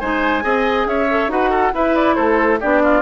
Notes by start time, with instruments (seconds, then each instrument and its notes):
0.00 bassoon G#3, clarinet D#4, oboe C5, flute G#5
0.42 bassoon C4, clarinet G#4, oboe D#5
0.86 bassoon C#4, oboe C#5, flute E5
1.10 clarinet A4
1.28 bassoon D#4, clarinet F#4, oboe B4, flute F#5
1.50 oboe A4
1.72 clarinet E4, bassoon E4, oboe B4, flute E5
1.95 flute D5
2.15 bassoon A3, oboe A4, flute C5
2.60 bassoon B3, clarinet D4, oboe G4, flute D5
2.83 oboe F4